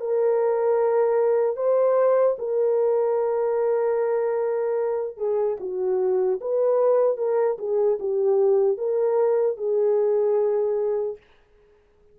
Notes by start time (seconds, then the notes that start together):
0.00 A#4
1.57 C5
2.39 A#4
5.17 G#4
5.60 F#4
6.41 B4
7.17 A#4
7.59 G#4
8.00 G4
8.78 A#4
9.57 G#4